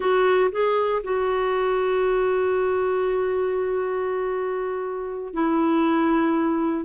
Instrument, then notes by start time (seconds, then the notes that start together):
clarinet
0.00 F#4
0.51 G#4
1.03 F#4
5.33 E4